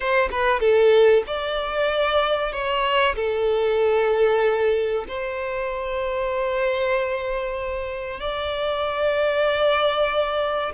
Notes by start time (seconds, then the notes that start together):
0.00 C5
0.31 B4
0.59 A4
1.26 D5
2.52 C#5
3.16 A4
5.08 C5
8.20 D5